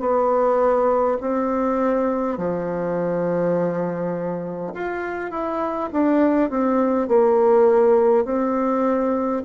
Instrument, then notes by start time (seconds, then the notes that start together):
bassoon
0.00 B3
1.21 C4
2.37 F3
4.74 F4
5.31 E4
5.93 D4
6.50 C4
7.08 A#3
8.25 C4